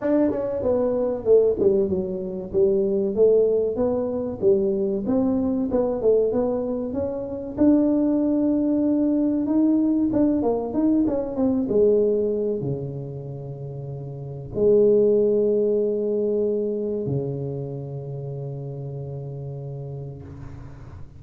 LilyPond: \new Staff \with { instrumentName = "tuba" } { \time 4/4 \tempo 4 = 95 d'8 cis'8 b4 a8 g8 fis4 | g4 a4 b4 g4 | c'4 b8 a8 b4 cis'4 | d'2. dis'4 |
d'8 ais8 dis'8 cis'8 c'8 gis4. | cis2. gis4~ | gis2. cis4~ | cis1 | }